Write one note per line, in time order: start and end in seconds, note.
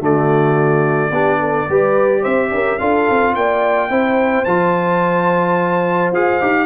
0.00 1.11 D3
0.00 1.12 A3
0.00 1.12 F#4
0.00 2.24 D5
1.11 1.66 B3
1.11 1.70 D4
1.11 1.40 G4
1.41 1.68 A4
1.69 2.25 G3
1.69 2.80 G4
1.69 2.22 B4
2.22 2.51 C4
2.22 2.50 C5
2.22 2.79 E5
2.51 2.79 C#4
2.51 2.80 A#4
2.79 3.09 D4
2.79 3.91 F4
2.79 3.36 A4
2.79 3.34 F5
3.10 3.36 C4
3.35 3.90 A#3
3.35 3.90 D5
3.35 4.45 G5
3.90 4.46 C4
3.90 4.46 E4
3.90 6.66 C5
4.45 6.12 F3
4.45 6.14 F4
4.45 6.11 A5
6.12 6.40 F4
6.12 6.41 G#4
6.12 6.66 F5
6.41 6.66 D#4
6.41 6.66 G4